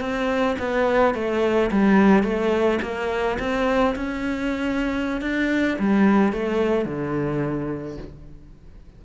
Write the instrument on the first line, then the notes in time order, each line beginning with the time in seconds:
cello
0.00 C4
0.58 B3
1.14 A3
1.71 G3
2.23 A3
2.82 A#3
3.39 C4
3.95 C#4
5.21 D4
5.78 G3
6.32 A3
6.85 D3